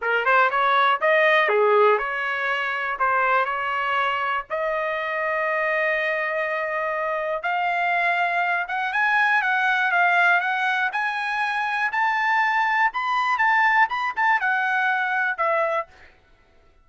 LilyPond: \new Staff \with { instrumentName = "trumpet" } { \time 4/4 \tempo 4 = 121 ais'8 c''8 cis''4 dis''4 gis'4 | cis''2 c''4 cis''4~ | cis''4 dis''2.~ | dis''2. f''4~ |
f''4. fis''8 gis''4 fis''4 | f''4 fis''4 gis''2 | a''2 b''4 a''4 | b''8 a''8 fis''2 e''4 | }